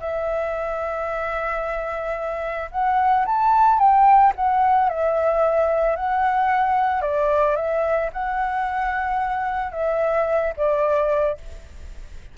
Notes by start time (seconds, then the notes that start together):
0.00 E5
2.71 F#5
3.26 A5
3.79 G5
4.36 F#5
4.89 E5
5.96 F#5
7.02 D5
7.56 E5
8.13 F#5
9.72 E5
10.57 D5